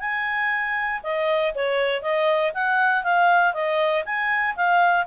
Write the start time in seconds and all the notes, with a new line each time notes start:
0.00 G#5
1.03 D#5
1.54 C#5
2.02 D#5
2.54 F#5
3.03 F5
3.53 D#5
4.05 G#5
4.56 F5